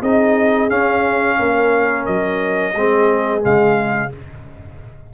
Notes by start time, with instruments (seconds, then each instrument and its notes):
0.00 tuba C4, trombone D#4, horn G#4, trumpet D#5
0.69 trombone C#4, tuba C#4, trumpet F5
1.38 tuba A#3, horn A#4
2.05 tuba F#3, trumpet D#5
2.74 tuba G#3, trombone C4, horn G#4
3.41 tuba C#3, trombone G#3, trumpet F5